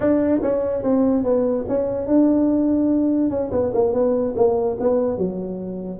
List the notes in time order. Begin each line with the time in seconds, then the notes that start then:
0.00 D4
0.42 C#4
0.83 C4
1.23 B3
1.68 C#4
2.07 D4
3.30 C#4
3.51 B3
3.74 A#3
3.93 B3
4.36 A#3
4.79 B3
5.17 F#3